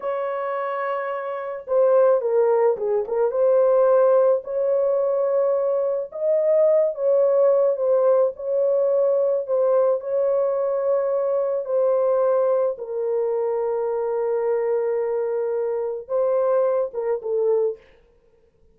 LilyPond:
\new Staff \with { instrumentName = "horn" } { \time 4/4 \tempo 4 = 108 cis''2. c''4 | ais'4 gis'8 ais'8 c''2 | cis''2. dis''4~ | dis''8 cis''4. c''4 cis''4~ |
cis''4 c''4 cis''2~ | cis''4 c''2 ais'4~ | ais'1~ | ais'4 c''4. ais'8 a'4 | }